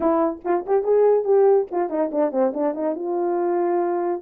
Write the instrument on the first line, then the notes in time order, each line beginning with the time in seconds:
horn
0.00 E4
0.44 F4
0.66 G4
0.83 G#4
1.24 G4
1.71 F4
1.89 D#4
2.11 D4
2.31 C4
2.54 D4
2.74 D#4
2.95 F4